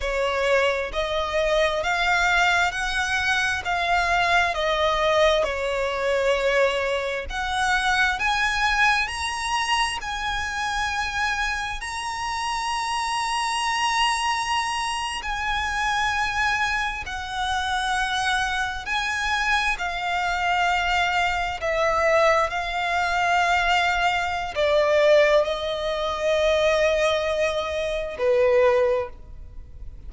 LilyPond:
\new Staff \with { instrumentName = "violin" } { \time 4/4 \tempo 4 = 66 cis''4 dis''4 f''4 fis''4 | f''4 dis''4 cis''2 | fis''4 gis''4 ais''4 gis''4~ | gis''4 ais''2.~ |
ais''8. gis''2 fis''4~ fis''16~ | fis''8. gis''4 f''2 e''16~ | e''8. f''2~ f''16 d''4 | dis''2. b'4 | }